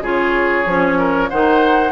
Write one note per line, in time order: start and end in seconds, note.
0.00 0.64 C#3
0.00 0.66 F4
0.00 0.98 G#4
0.00 1.29 C#5
0.65 1.29 F3
0.65 1.31 C#4
0.98 1.30 A#4
1.29 1.91 D#3
1.29 1.91 D#4
1.29 1.91 C5
1.29 1.91 F#5